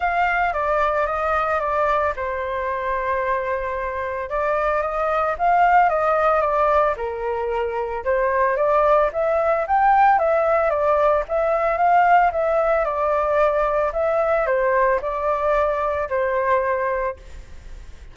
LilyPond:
\new Staff \with { instrumentName = "flute" } { \time 4/4 \tempo 4 = 112 f''4 d''4 dis''4 d''4 | c''1 | d''4 dis''4 f''4 dis''4 | d''4 ais'2 c''4 |
d''4 e''4 g''4 e''4 | d''4 e''4 f''4 e''4 | d''2 e''4 c''4 | d''2 c''2 | }